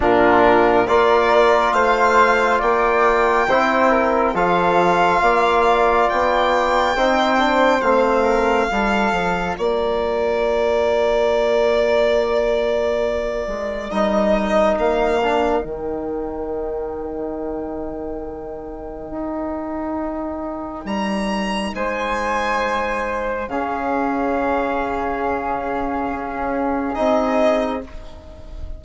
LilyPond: <<
  \new Staff \with { instrumentName = "violin" } { \time 4/4 \tempo 4 = 69 ais'4 d''4 f''4 g''4~ | g''4 f''2 g''4~ | g''4 f''2 d''4~ | d''1 |
dis''4 f''4 g''2~ | g''1 | ais''4 gis''2 f''4~ | f''2. dis''4 | }
  \new Staff \with { instrumentName = "flute" } { \time 4/4 f'4 ais'4 c''4 d''4 | c''8 ais'8 a'4 d''2 | c''4. ais'8 a'4 ais'4~ | ais'1~ |
ais'1~ | ais'1~ | ais'4 c''2 gis'4~ | gis'1 | }
  \new Staff \with { instrumentName = "trombone" } { \time 4/4 d'4 f'2. | e'4 f'2. | dis'8 d'8 c'4 f'2~ | f'1 |
dis'4. d'8 dis'2~ | dis'1~ | dis'2. cis'4~ | cis'2. dis'4 | }
  \new Staff \with { instrumentName = "bassoon" } { \time 4/4 ais,4 ais4 a4 ais4 | c'4 f4 ais4 b4 | c'4 a4 g8 f8 ais4~ | ais2.~ ais8 gis8 |
g4 ais4 dis2~ | dis2 dis'2 | g4 gis2 cis4~ | cis2 cis'4 c'4 | }
>>